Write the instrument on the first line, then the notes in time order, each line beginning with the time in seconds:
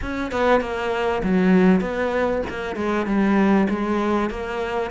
cello
0.01 C#4
0.31 B3
0.61 A#3
1.23 F#3
1.80 B3
2.49 A#3
2.76 G#3
3.06 G3
3.69 G#3
4.30 A#3